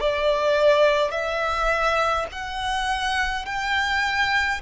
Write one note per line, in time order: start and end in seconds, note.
0.00 1.11 D5
1.11 2.26 E5
2.31 3.45 F#5
3.45 4.60 G5